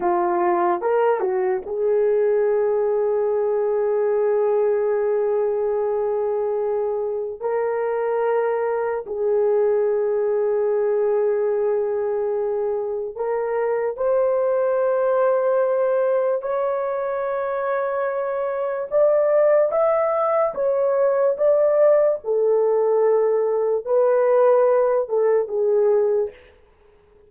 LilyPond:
\new Staff \with { instrumentName = "horn" } { \time 4/4 \tempo 4 = 73 f'4 ais'8 fis'8 gis'2~ | gis'1~ | gis'4 ais'2 gis'4~ | gis'1 |
ais'4 c''2. | cis''2. d''4 | e''4 cis''4 d''4 a'4~ | a'4 b'4. a'8 gis'4 | }